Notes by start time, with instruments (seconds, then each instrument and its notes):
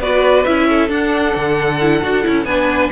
0.00 cello B3, viola F#4, violin B4 D5
0.44 cello C#4, viola E4, violin E5
0.69 violin A4
0.89 viola D4, cello D4, violin F#5
1.35 cello D3
1.81 viola E4
2.03 cello D4, viola F#4
2.24 cello C#4, viola E4
2.45 cello B3, viola D4, violin B4 G#5